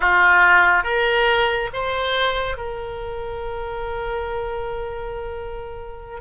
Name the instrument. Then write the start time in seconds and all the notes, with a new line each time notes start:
oboe
0.00 F4
0.83 A#4
1.73 C5
2.57 A#4